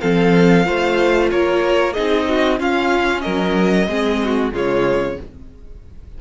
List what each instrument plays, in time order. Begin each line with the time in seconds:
0.00 cello F3, viola C4, violin A4 F5
0.64 cello A3, viola F4, violin C5
1.31 cello A#3, violin A#4 C#5
1.93 cello C4, viola D#4, violin G#4 D#5
2.28 violin F#4
2.58 viola C#4, cello C#4, violin F4 F5
3.21 cello F#3, violin A#4 D#5
3.87 cello G#3, viola C4, violin G#4
4.23 violin F#4
4.52 cello C#3, viola G#3, violin F4 C#5